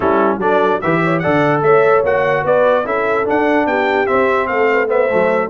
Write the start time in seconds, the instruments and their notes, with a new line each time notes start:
0.00 tuba G3, trombone C#4, horn E4, trumpet A4
0.37 tuba F#3, trombone D4, horn A4, trumpet D5
0.81 tuba E3, trombone G4, horn B4, trumpet E5
1.03 horn C#5
1.19 trombone A4, horn D5, trumpet F#5
1.26 tuba D3
1.62 tuba A3, horn C#5, trumpet E5
2.03 tuba A#3, trombone F#4, trumpet F#5
2.43 tuba B3, horn B4, trumpet D5
2.84 tuba C#4, trombone E4, horn A4, trumpet E5
3.25 trombone D4, tuba D4, trumpet F#5
3.65 tuba B3, horn G4, trumpet G5
4.06 trombone C4, tuba C4, trumpet E5
4.47 tuba A3, horn A4, trumpet F5
4.71 horn B4
4.87 trombone B3, horn C5, trumpet E5
5.10 tuba F#3, trombone A3